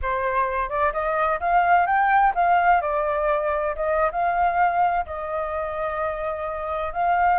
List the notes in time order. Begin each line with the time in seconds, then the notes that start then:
0.02 C5
0.69 D5
0.92 D#5
1.40 F5
1.86 G5
2.34 F5
2.81 D5
3.75 D#5
4.11 F5
5.06 D#5
6.93 F5